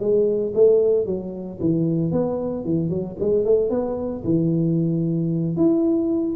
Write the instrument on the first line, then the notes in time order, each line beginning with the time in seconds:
tuba
0.00 G#3
0.55 A3
1.06 F#3
1.60 E3
2.12 B3
2.65 E3
2.90 F#3
3.20 G#3
3.45 A3
3.70 B3
4.25 E3
5.57 E4